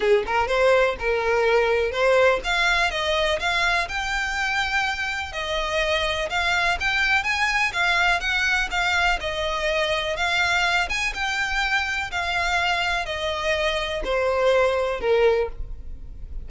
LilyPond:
\new Staff \with { instrumentName = "violin" } { \time 4/4 \tempo 4 = 124 gis'8 ais'8 c''4 ais'2 | c''4 f''4 dis''4 f''4 | g''2. dis''4~ | dis''4 f''4 g''4 gis''4 |
f''4 fis''4 f''4 dis''4~ | dis''4 f''4. gis''8 g''4~ | g''4 f''2 dis''4~ | dis''4 c''2 ais'4 | }